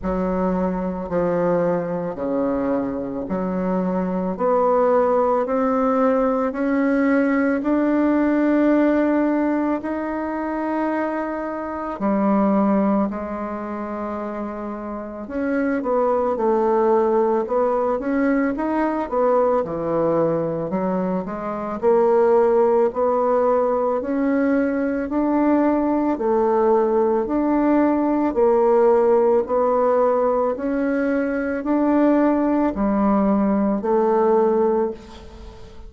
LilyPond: \new Staff \with { instrumentName = "bassoon" } { \time 4/4 \tempo 4 = 55 fis4 f4 cis4 fis4 | b4 c'4 cis'4 d'4~ | d'4 dis'2 g4 | gis2 cis'8 b8 a4 |
b8 cis'8 dis'8 b8 e4 fis8 gis8 | ais4 b4 cis'4 d'4 | a4 d'4 ais4 b4 | cis'4 d'4 g4 a4 | }